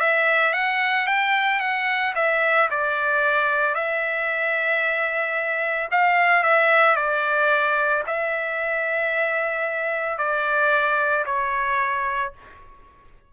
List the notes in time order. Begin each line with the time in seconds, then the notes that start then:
0.00 E5
0.53 F#5
1.07 G5
1.60 F#5
2.15 E5
2.71 D5
3.75 E5
5.91 F5
6.43 E5
6.96 D5
8.07 E5
10.18 D5
11.25 C#5